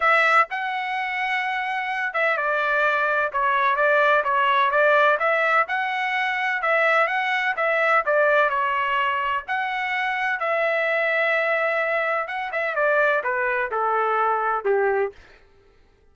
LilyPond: \new Staff \with { instrumentName = "trumpet" } { \time 4/4 \tempo 4 = 127 e''4 fis''2.~ | fis''8 e''8 d''2 cis''4 | d''4 cis''4 d''4 e''4 | fis''2 e''4 fis''4 |
e''4 d''4 cis''2 | fis''2 e''2~ | e''2 fis''8 e''8 d''4 | b'4 a'2 g'4 | }